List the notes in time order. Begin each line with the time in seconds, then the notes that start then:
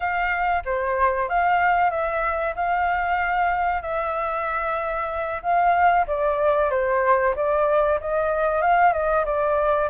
0.00 F5
0.65 C5
1.29 F5
1.90 E5
2.55 F5
3.82 E5
5.42 F5
6.07 D5
6.70 C5
7.35 D5
8.00 D#5
8.61 F5
8.92 D#5
9.25 D5